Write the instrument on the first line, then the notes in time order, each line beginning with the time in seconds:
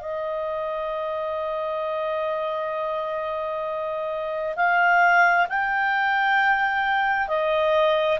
clarinet
0.00 D#5
4.56 F5
5.49 G5
7.28 D#5